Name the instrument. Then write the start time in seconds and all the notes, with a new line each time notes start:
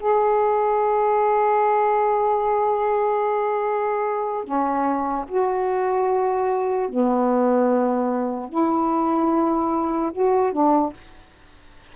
saxophone
0.00 G#4
4.45 C#4
5.29 F#4
6.90 B3
8.50 E4
10.13 F#4
10.53 D4